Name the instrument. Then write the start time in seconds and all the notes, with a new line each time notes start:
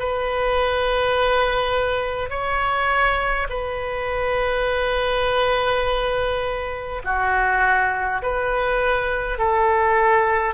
oboe
0.00 B4
2.30 C#5
3.50 B4
7.04 F#4
8.22 B4
9.39 A4